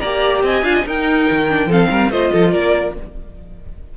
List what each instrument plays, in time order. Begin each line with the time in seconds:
0.00 cello A#3, viola G4, violin D5 A#5
0.43 cello C4, violin D#5 G#5
0.63 cello D4, viola F4, violin F5
0.75 violin D#5
0.86 cello D#4, viola D#4, violin A#4 G5
1.31 cello D#3
1.50 viola D4
1.66 cello F3, viola C4, violin A4 F5
1.90 cello G3, violin A#4
2.10 cello A3, viola F4, violin C5 D#5
2.33 cello F3, violin A4
2.53 cello A#3, violin A#4 D5